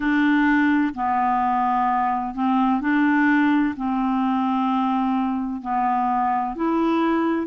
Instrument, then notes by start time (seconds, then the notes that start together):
clarinet
0.00 D4
0.94 B3
2.34 C4
2.80 D4
3.76 C4
5.61 B3
6.55 E4